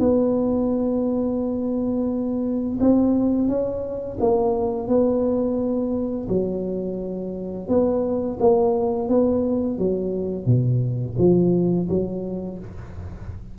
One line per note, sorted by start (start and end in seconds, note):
0.00 2.79 B3
2.81 3.49 C4
3.49 4.18 C#4
4.21 4.88 A#3
4.88 6.28 B3
6.29 7.68 F#3
7.68 8.38 B3
8.40 9.09 A#3
9.09 9.79 B3
9.79 10.46 F#3
10.46 11.16 B2
11.19 11.89 F3
11.90 12.59 F#3